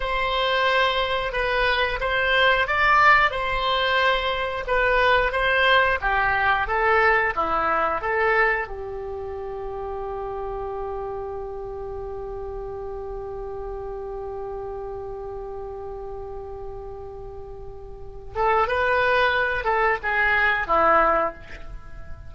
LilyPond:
\new Staff \with { instrumentName = "oboe" } { \time 4/4 \tempo 4 = 90 c''2 b'4 c''4 | d''4 c''2 b'4 | c''4 g'4 a'4 e'4 | a'4 g'2.~ |
g'1~ | g'1~ | g'2.~ g'8 a'8 | b'4. a'8 gis'4 e'4 | }